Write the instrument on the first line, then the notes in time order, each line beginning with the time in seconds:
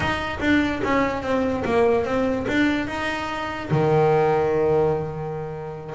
double bass
0.00 D#4
0.40 D4
0.83 C#4
1.22 C4
1.65 A#3
2.05 C4
2.47 D4
2.87 D#4
3.70 D#3